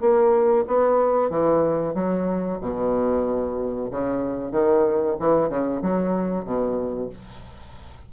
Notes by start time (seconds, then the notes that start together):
0.00 A#3
0.67 B3
1.30 E3
1.94 F#3
2.60 B2
3.91 C#3
4.51 D#3
5.19 E3
5.49 C#3
5.82 F#3
6.45 B2